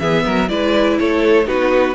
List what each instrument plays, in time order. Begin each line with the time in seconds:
0.00 cello E3, viola B3, violin G#4 E5
0.25 cello F#3, violin A#4
0.49 cello G#3, viola E4, violin B4 D5
0.99 cello A3, violin A4 C#5
1.45 cello B3, viola D#4, violin F#4 B4